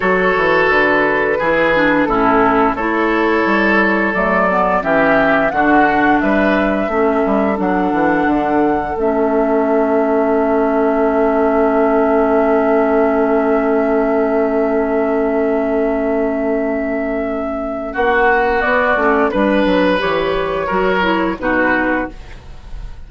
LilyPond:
<<
  \new Staff \with { instrumentName = "flute" } { \time 4/4 \tempo 4 = 87 cis''4 b'2 a'4 | cis''2 d''4 e''4 | fis''4 e''2 fis''4~ | fis''4 e''2.~ |
e''1~ | e''1~ | e''2 fis''4 d''4 | b'4 cis''2 b'4 | }
  \new Staff \with { instrumentName = "oboe" } { \time 4/4 a'2 gis'4 e'4 | a'2. g'4 | fis'4 b'4 a'2~ | a'1~ |
a'1~ | a'1~ | a'2 fis'2 | b'2 ais'4 fis'4 | }
  \new Staff \with { instrumentName = "clarinet" } { \time 4/4 fis'2 e'8 d'8 cis'4 | e'2 a8 b8 cis'4 | d'2 cis'4 d'4~ | d'4 cis'2.~ |
cis'1~ | cis'1~ | cis'2. b8 cis'8 | d'4 g'4 fis'8 e'8 dis'4 | }
  \new Staff \with { instrumentName = "bassoon" } { \time 4/4 fis8 e8 d4 e4 a,4 | a4 g4 fis4 e4 | d4 g4 a8 g8 fis8 e8 | d4 a2.~ |
a1~ | a1~ | a2 ais4 b8 a8 | g8 fis8 e4 fis4 b,4 | }
>>